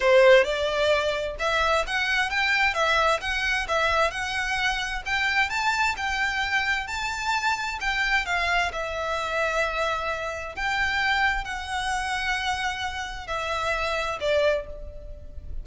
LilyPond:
\new Staff \with { instrumentName = "violin" } { \time 4/4 \tempo 4 = 131 c''4 d''2 e''4 | fis''4 g''4 e''4 fis''4 | e''4 fis''2 g''4 | a''4 g''2 a''4~ |
a''4 g''4 f''4 e''4~ | e''2. g''4~ | g''4 fis''2.~ | fis''4 e''2 d''4 | }